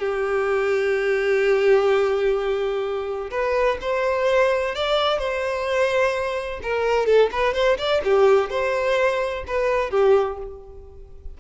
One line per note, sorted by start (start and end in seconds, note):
0.00 3.31 G4
3.31 3.78 B4
3.81 4.75 C5
4.75 5.19 D5
5.19 6.61 C5
6.63 7.07 A#4
7.07 7.30 A4
7.32 7.54 B4
7.54 7.78 C5
7.78 8.02 D5
8.05 8.50 G4
8.50 9.45 C5
9.47 9.91 B4
9.91 10.38 G4